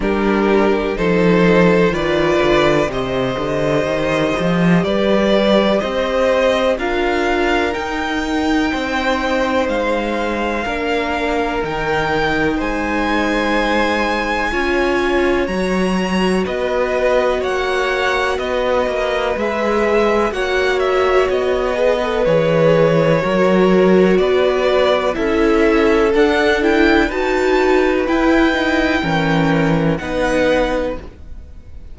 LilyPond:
<<
  \new Staff \with { instrumentName = "violin" } { \time 4/4 \tempo 4 = 62 ais'4 c''4 d''4 dis''4~ | dis''4 d''4 dis''4 f''4 | g''2 f''2 | g''4 gis''2. |
ais''4 dis''4 fis''4 dis''4 | e''4 fis''8 e''8 dis''4 cis''4~ | cis''4 d''4 e''4 fis''8 g''8 | a''4 g''2 fis''4 | }
  \new Staff \with { instrumentName = "violin" } { \time 4/4 g'4 a'4 b'4 c''4~ | c''4 b'4 c''4 ais'4~ | ais'4 c''2 ais'4~ | ais'4 c''2 cis''4~ |
cis''4 b'4 cis''4 b'4~ | b'4 cis''4. b'4. | ais'4 b'4 a'2 | b'2 ais'4 b'4 | }
  \new Staff \with { instrumentName = "viola" } { \time 4/4 d'4 dis'4 f'4 g'4~ | g'2. f'4 | dis'2. d'4 | dis'2. f'4 |
fis'1 | gis'4 fis'4. gis'16 a'16 gis'4 | fis'2 e'4 d'8 e'8 | fis'4 e'8 dis'8 cis'4 dis'4 | }
  \new Staff \with { instrumentName = "cello" } { \time 4/4 g4 f4 dis8 d8 c8 d8 | dis8 f8 g4 c'4 d'4 | dis'4 c'4 gis4 ais4 | dis4 gis2 cis'4 |
fis4 b4 ais4 b8 ais8 | gis4 ais4 b4 e4 | fis4 b4 cis'4 d'4 | dis'4 e'4 e4 b4 | }
>>